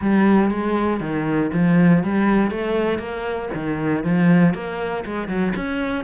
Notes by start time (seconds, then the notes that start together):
0.01 G3
0.50 G#3
1.00 D#3
1.53 F3
2.03 G3
2.50 A3
2.99 A#3
3.54 D#3
4.04 F3
4.54 A#3
5.05 G#3
5.28 F#3
5.56 C#4